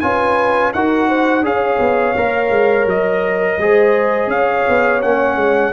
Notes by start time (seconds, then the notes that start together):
0.00 C#4 F4 B4 G#5
0.73 D#4 F#4 A#4 F#5
1.08 C5
1.42 C#4 G#4 C#5 F5
1.79 B3
2.16 A#3 A#4
2.50 G#3
2.85 F#3 D#5
3.57 G#3 G#4 C5
4.27 C#4 C#5 F5
4.68 B3
5.01 A#3 C#4 F#5
5.35 G#3